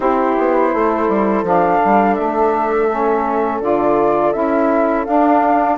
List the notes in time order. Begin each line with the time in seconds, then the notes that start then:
0.00 C4 E4 G4 C5
0.38 B3
0.72 A3 A4
1.08 G3
1.42 F3 D4 F5
1.84 G3
2.14 A3 E5
2.89 C#4
3.60 D3 F4 D5
4.32 C#4 E4 E5
5.05 D4 F5